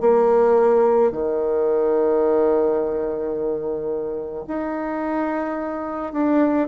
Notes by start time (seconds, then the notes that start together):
0.00 A#3
1.11 D#3
4.47 D#4
6.13 D4